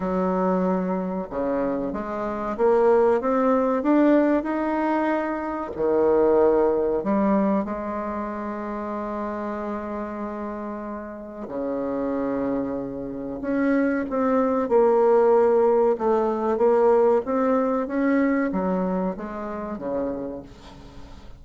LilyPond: \new Staff \with { instrumentName = "bassoon" } { \time 4/4 \tempo 4 = 94 fis2 cis4 gis4 | ais4 c'4 d'4 dis'4~ | dis'4 dis2 g4 | gis1~ |
gis2 cis2~ | cis4 cis'4 c'4 ais4~ | ais4 a4 ais4 c'4 | cis'4 fis4 gis4 cis4 | }